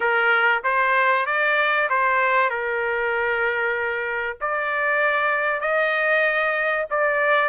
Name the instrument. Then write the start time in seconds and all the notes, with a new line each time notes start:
trumpet
0.00 A#4
0.63 C5
1.26 D5
1.89 C5
2.49 A#4
4.41 D5
5.60 D#5
6.90 D5